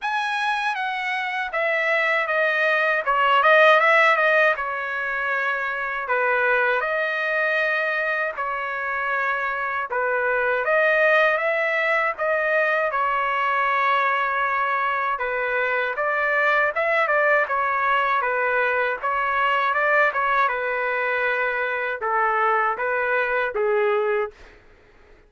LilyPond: \new Staff \with { instrumentName = "trumpet" } { \time 4/4 \tempo 4 = 79 gis''4 fis''4 e''4 dis''4 | cis''8 dis''8 e''8 dis''8 cis''2 | b'4 dis''2 cis''4~ | cis''4 b'4 dis''4 e''4 |
dis''4 cis''2. | b'4 d''4 e''8 d''8 cis''4 | b'4 cis''4 d''8 cis''8 b'4~ | b'4 a'4 b'4 gis'4 | }